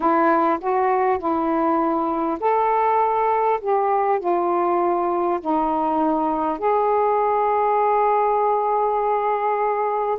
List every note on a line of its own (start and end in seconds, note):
0.00 0.58 E4
0.60 1.18 F#4
1.18 2.38 E4
2.40 3.60 A4
3.60 4.19 G4
4.19 5.39 F4
5.40 6.58 D#4
6.58 10.18 G#4